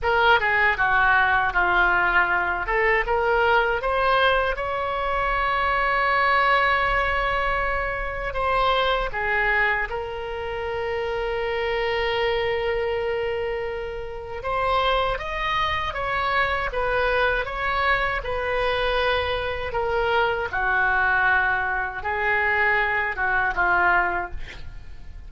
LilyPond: \new Staff \with { instrumentName = "oboe" } { \time 4/4 \tempo 4 = 79 ais'8 gis'8 fis'4 f'4. a'8 | ais'4 c''4 cis''2~ | cis''2. c''4 | gis'4 ais'2.~ |
ais'2. c''4 | dis''4 cis''4 b'4 cis''4 | b'2 ais'4 fis'4~ | fis'4 gis'4. fis'8 f'4 | }